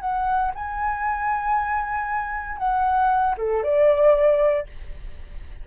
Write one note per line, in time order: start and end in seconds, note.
0.00 0.52 F#5
0.55 2.58 G#5
2.58 3.35 F#5
3.38 3.63 A4
3.63 4.67 D5